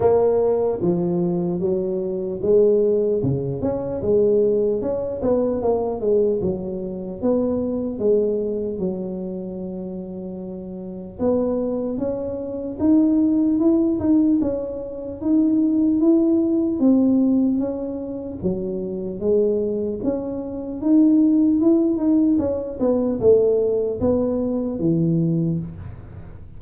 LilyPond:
\new Staff \with { instrumentName = "tuba" } { \time 4/4 \tempo 4 = 75 ais4 f4 fis4 gis4 | cis8 cis'8 gis4 cis'8 b8 ais8 gis8 | fis4 b4 gis4 fis4~ | fis2 b4 cis'4 |
dis'4 e'8 dis'8 cis'4 dis'4 | e'4 c'4 cis'4 fis4 | gis4 cis'4 dis'4 e'8 dis'8 | cis'8 b8 a4 b4 e4 | }